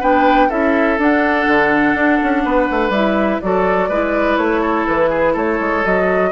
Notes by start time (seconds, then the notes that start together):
0.00 B3 D4 B4 G5
0.49 C#4 E4 A4 E5
0.98 D4 F#5
1.47 D3
1.94 D4
2.23 C#4
2.44 B3 B4
2.71 A3
2.90 G3 E4 E5
3.41 F#3 F#4 A4 D5
3.89 G#3 E4 B4
4.37 A3 C#5
4.61 A4
4.87 E3 B4
5.10 G#4
5.33 A3 A4 C#5
5.60 G#3
5.84 F#3 F#4 D#5